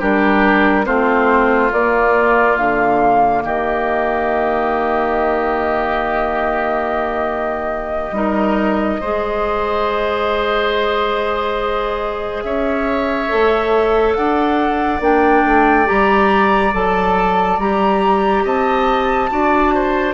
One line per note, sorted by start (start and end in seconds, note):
0.00 0.87 G3
0.00 0.85 D4
0.00 0.86 G4
0.00 0.86 A#4
0.85 1.72 A3
0.85 1.71 C4
0.85 3.43 F4
0.85 1.72 C5
1.72 2.58 A#3
1.72 8.14 A#3
1.72 2.57 D5
2.57 3.44 D3
2.57 3.43 F5
3.45 8.12 D#3
3.45 8.16 G4
3.45 12.43 D#5
8.12 8.98 G3
8.12 9.00 D#4
8.12 9.01 A#4
9.01 12.44 G#3
9.01 13.28 G#4
9.01 12.44 C5
12.43 13.30 C#4
12.43 14.17 C#5
12.43 14.14 E5
13.28 14.17 A3
13.28 15.00 A4
14.15 15.01 D4
14.15 18.44 D5
14.15 15.01 F#5
15.01 15.43 A#3
15.01 15.86 D4
15.01 15.88 G5
15.45 15.88 A3
15.86 16.74 G3
15.86 16.71 G4
15.86 16.74 A#5
16.74 17.58 F#3
16.74 17.59 A4
16.74 17.60 A5
17.58 18.44 G3
17.58 19.31 G4
17.58 18.45 A#5
18.44 19.31 C4
18.44 19.30 D#5
18.44 20.14 A5
19.31 20.14 D4
19.31 20.14 F#4
19.31 19.75 D5
19.75 20.14 C5